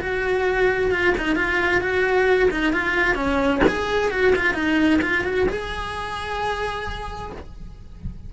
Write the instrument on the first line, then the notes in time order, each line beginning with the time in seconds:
cello
0.00 F#4
0.91 F4
1.17 D#4
1.35 F4
1.81 F#4
2.50 D#4
2.73 F4
3.15 C#4
3.68 G#4
4.11 F#4
4.35 F4
4.54 D#4
5.01 F4
5.24 F#4
5.49 G#4